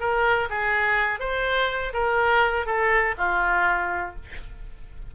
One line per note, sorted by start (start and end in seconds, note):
0.00 0.49 A#4
0.50 1.20 G#4
1.20 1.93 C5
1.93 2.66 A#4
2.66 3.15 A4
3.18 4.15 F4